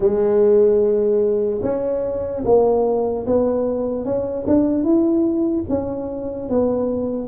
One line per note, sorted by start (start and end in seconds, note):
0.00 1.61 G#3
1.62 2.43 C#4
2.44 3.25 A#3
3.26 4.05 B3
4.05 4.45 C#4
4.47 4.83 D4
4.83 5.64 E4
5.68 6.49 C#4
6.49 7.28 B3